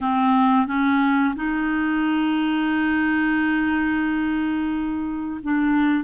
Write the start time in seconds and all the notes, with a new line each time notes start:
0.01 C4
0.66 C#4
1.35 D#4
5.43 D4